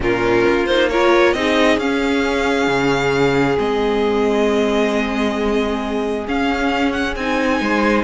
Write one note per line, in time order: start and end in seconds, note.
0.00 0.44 A#2
0.00 0.67 C#4
0.00 0.90 F4
0.00 0.66 A#4
0.48 1.33 A#3
0.66 0.91 D#4
0.66 0.88 C5
0.89 1.35 F4
0.89 1.34 A#4
0.89 1.33 C#5
1.33 1.77 C4
1.33 1.80 D#4
1.33 7.61 G#4
1.33 1.78 D#5
1.77 2.67 C#4
1.77 3.57 C#4
1.77 3.58 F5
2.67 3.57 C#3
3.57 6.27 G#3
3.57 6.26 C4
3.57 6.27 D#5
6.27 7.15 C#4
6.27 7.17 C#4
6.27 6.92 F5
6.92 7.14 F#5
7.15 7.60 C4
7.15 8.04 D#4
7.15 8.04 G#5
7.61 8.04 G#3
7.61 8.04 C5